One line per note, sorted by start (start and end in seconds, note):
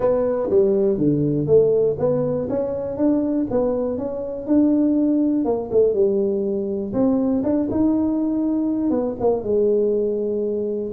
0.00 0.49 B3
0.50 0.97 G3
0.97 1.46 D3
1.46 1.96 A3
1.98 2.48 B3
2.49 2.97 C#4
2.97 3.46 D4
3.50 3.98 B3
3.98 4.47 C#4
4.47 5.44 D4
5.44 5.69 A#3
5.71 5.93 A3
5.93 6.92 G3
6.93 7.42 C4
7.43 7.68 D4
7.70 8.90 D#4
8.90 9.15 B3
9.20 9.43 A#3
9.43 10.92 G#3